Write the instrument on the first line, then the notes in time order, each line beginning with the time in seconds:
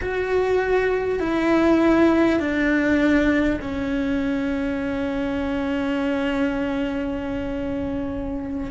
cello
0.01 F#4
1.19 E4
2.39 D4
3.61 C#4